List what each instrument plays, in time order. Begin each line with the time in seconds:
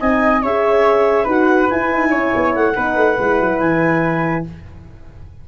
0.00 tuba C4, horn D#4, flute D#5, clarinet G#5
0.43 tuba C#4, horn G#4, flute C#5, clarinet E5
1.24 tuba D#4, horn F#4, flute B4, clarinet F#5
1.69 horn E4, tuba E4, clarinet G#5
1.93 tuba D#4
2.10 tuba C#4, flute C#5
2.35 tuba B3
2.55 tuba A3, clarinet F#5
2.75 tuba B3, horn D#4, flute B4
2.96 tuba A3
3.18 tuba G#3, horn E4
3.40 tuba F#3
3.60 tuba E3, clarinet G#5